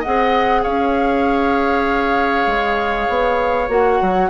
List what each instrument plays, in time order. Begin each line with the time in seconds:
0.00 bassoon C4, clarinet G#4, oboe D#5, flute F#5
0.63 bassoon C#4, oboe C#5, flute F5
2.47 bassoon G#3
3.09 bassoon B3
3.68 bassoon A#3, clarinet F#4, flute F#5
4.01 bassoon F#3